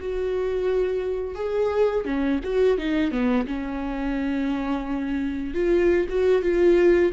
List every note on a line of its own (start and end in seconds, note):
0.00 1.35 F#4
1.35 2.05 G#4
2.05 2.40 C#4
2.44 2.78 F#4
2.78 3.12 D#4
3.12 3.47 B3
3.47 5.54 C#4
5.54 6.07 F4
6.10 6.43 F#4
6.43 7.13 F4